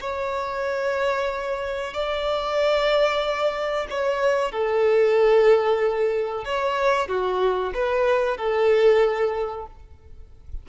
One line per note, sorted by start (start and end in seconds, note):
0.00 1.93 C#5
1.93 3.87 D5
3.90 4.51 C#5
4.51 6.44 A4
6.44 7.08 C#5
7.08 7.72 F#4
7.74 8.37 B4
8.37 9.66 A4